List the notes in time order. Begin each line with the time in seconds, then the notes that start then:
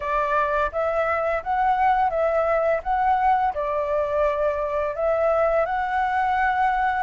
0.00 D5
0.72 E5
1.43 F#5
2.10 E5
2.83 F#5
3.54 D5
4.95 E5
5.65 F#5